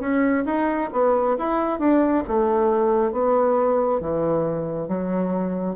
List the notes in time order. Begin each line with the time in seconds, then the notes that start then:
0.00 C#4
0.45 D#4
0.92 B3
1.38 E4
1.79 D4
2.27 A3
3.12 B3
4.00 E3
4.88 F#3